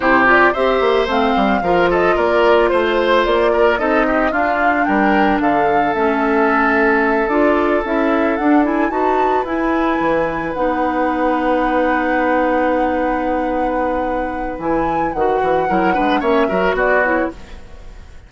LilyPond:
<<
  \new Staff \with { instrumentName = "flute" } { \time 4/4 \tempo 4 = 111 c''8 d''8 e''4 f''4. dis''8 | d''4 c''4 d''4 dis''4 | f''4 g''4 f''4 e''4~ | e''4. d''4 e''4 fis''8 |
gis''8 a''4 gis''2 fis''8~ | fis''1~ | fis''2. gis''4 | fis''2 e''4 d''8 cis''8 | }
  \new Staff \with { instrumentName = "oboe" } { \time 4/4 g'4 c''2 ais'8 a'8 | ais'4 c''4. ais'8 a'8 g'8 | f'4 ais'4 a'2~ | a'1~ |
a'8 b'2.~ b'8~ | b'1~ | b'1~ | b'4 ais'8 b'8 cis''8 ais'8 fis'4 | }
  \new Staff \with { instrumentName = "clarinet" } { \time 4/4 e'8 f'8 g'4 c'4 f'4~ | f'2. dis'4 | d'2. cis'4~ | cis'4. f'4 e'4 d'8 |
e'8 fis'4 e'2 dis'8~ | dis'1~ | dis'2. e'4 | fis'4 e'8 d'8 cis'8 fis'4 e'8 | }
  \new Staff \with { instrumentName = "bassoon" } { \time 4/4 c4 c'8 ais8 a8 g8 f4 | ais4 a4 ais4 c'4 | d'4 g4 d4 a4~ | a4. d'4 cis'4 d'8~ |
d'8 dis'4 e'4 e4 b8~ | b1~ | b2. e4 | dis8 e8 fis8 gis8 ais8 fis8 b4 | }
>>